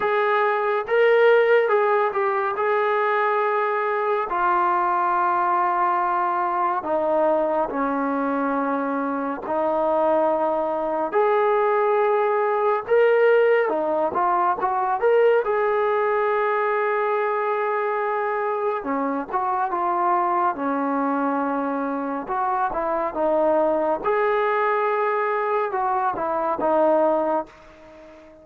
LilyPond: \new Staff \with { instrumentName = "trombone" } { \time 4/4 \tempo 4 = 70 gis'4 ais'4 gis'8 g'8 gis'4~ | gis'4 f'2. | dis'4 cis'2 dis'4~ | dis'4 gis'2 ais'4 |
dis'8 f'8 fis'8 ais'8 gis'2~ | gis'2 cis'8 fis'8 f'4 | cis'2 fis'8 e'8 dis'4 | gis'2 fis'8 e'8 dis'4 | }